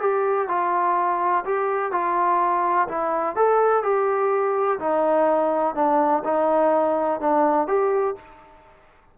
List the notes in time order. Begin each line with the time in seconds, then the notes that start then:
0.00 G4
0.48 F4
1.45 G4
1.92 F4
2.88 E4
3.36 A4
3.83 G4
4.79 D#4
5.75 D4
6.24 D#4
7.20 D4
7.68 G4